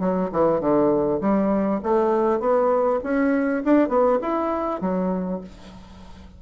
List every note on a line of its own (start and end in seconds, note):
0.00 0.30 F#3
0.32 0.61 E3
0.61 1.21 D3
1.21 1.81 G3
1.83 2.40 A3
2.40 3.00 B3
3.04 3.64 C#4
3.64 3.89 D4
3.89 4.19 B3
4.22 4.81 E4
4.81 5.41 F#3